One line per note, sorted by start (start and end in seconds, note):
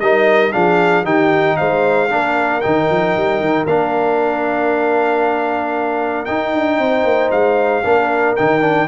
0.00 0.53 G3
0.00 0.52 D#4
0.00 0.54 A#4
0.00 0.52 D#5
0.52 1.04 F3
0.52 1.04 D4
0.52 1.04 G#4
0.52 1.04 F5
1.04 1.57 D#3
1.04 2.09 D#4
1.04 1.56 G4
1.04 1.57 G5
1.57 2.10 G#3
1.57 2.10 C5
1.57 2.61 F5
2.10 2.62 A#3
2.10 2.62 D4
2.10 6.79 A#4
2.61 2.90 D#3
2.61 3.67 D#4
2.61 3.65 G5
2.90 3.16 F3
3.16 3.40 G3
3.40 3.65 D#3
3.65 6.26 A#3
3.65 6.27 D4
3.65 6.25 F5
6.25 7.83 D#4
6.25 6.53 D#4
6.25 7.29 G5
6.53 6.78 D4
6.78 7.04 C4
6.78 7.84 C5
7.04 7.30 A#3
7.31 7.83 G#3
7.31 8.35 F5
7.84 8.36 A#3
7.84 8.37 D4
7.84 8.88 A#4
8.36 8.88 D#3
8.36 8.61 D#4
8.36 8.88 G5
8.61 8.87 D4